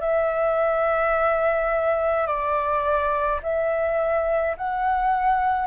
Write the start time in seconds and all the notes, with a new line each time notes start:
0.00 E5
2.26 D5
3.42 E5
4.57 F#5